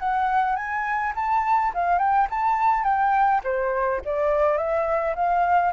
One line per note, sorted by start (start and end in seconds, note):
0.00 0.56 F#5
0.56 1.13 G#5
1.16 1.73 A5
1.75 1.99 F5
1.99 2.28 G5
2.31 2.84 A5
2.84 3.42 G5
3.44 4.01 C5
4.05 4.58 D5
4.58 5.15 E5
5.16 5.73 F5